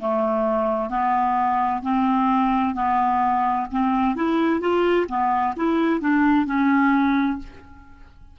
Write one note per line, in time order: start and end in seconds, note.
0.00 0.90 A3
0.90 1.82 B3
1.83 2.75 C4
2.75 3.67 B3
3.72 4.16 C4
4.16 4.61 E4
4.61 5.07 F4
5.09 5.55 B3
5.56 6.00 E4
6.00 6.46 D4
6.46 7.38 C#4